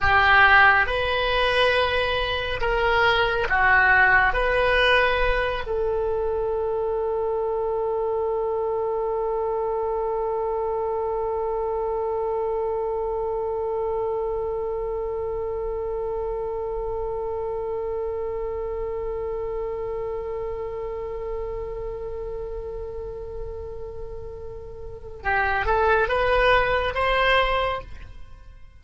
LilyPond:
\new Staff \with { instrumentName = "oboe" } { \time 4/4 \tempo 4 = 69 g'4 b'2 ais'4 | fis'4 b'4. a'4.~ | a'1~ | a'1~ |
a'1~ | a'1~ | a'1~ | a'4 g'8 a'8 b'4 c''4 | }